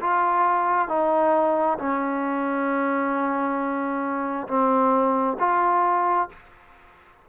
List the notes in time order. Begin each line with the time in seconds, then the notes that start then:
0.00 F4
0.88 D#4
1.78 C#4
4.47 C4
5.39 F4